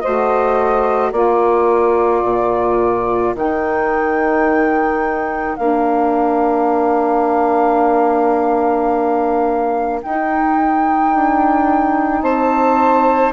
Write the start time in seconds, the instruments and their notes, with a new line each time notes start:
0.00 saxophone F#4 C5, flute D#5
0.06 bassoon A3
1.12 bassoon A#3, saxophone F4 A#4, flute D5
2.23 bassoon A#2
3.35 bassoon D#3, saxophone D#4, flute G5
5.56 bassoon A#3, saxophone D4, flute F5
10.02 saxophone D#4, bassoon D#4, flute G5
11.15 bassoon D4
12.22 bassoon C4, saxophone C5, flute A5